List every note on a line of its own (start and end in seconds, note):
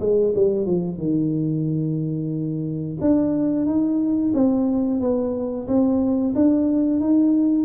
0.00 0.33 G#3
0.35 0.66 G3
0.66 0.98 F3
0.98 2.98 D#3
3.01 3.66 D4
3.66 4.32 D#4
4.34 5.00 C4
5.00 5.67 B3
5.67 6.34 C4
6.35 7.00 D4
7.00 7.65 D#4